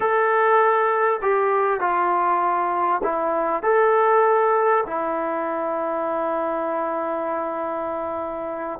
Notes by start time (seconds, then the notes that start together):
0.00 A4
1.22 G4
1.80 F4
3.03 E4
3.63 A4
4.86 E4